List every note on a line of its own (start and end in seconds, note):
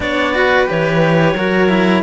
0.00 0.67 B3
0.00 0.34 D4
0.00 0.35 C#5
0.00 0.68 D5
0.34 0.66 F#4
0.34 1.36 B4
0.66 1.34 E3
0.66 1.34 G4
0.66 2.03 C#5
1.34 2.02 F#3
1.34 1.68 F#4
1.34 2.03 A#4
1.68 2.02 E4